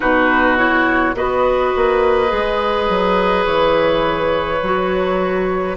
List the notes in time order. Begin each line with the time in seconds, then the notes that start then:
0.00 B2 D#4 F#4 B4
0.57 E4 C#5
1.14 B3 F#4 B4 D#5
1.75 A#3
2.27 G#3 G#4
2.89 F#3
3.45 E3 C#5
4.62 F#3 F#4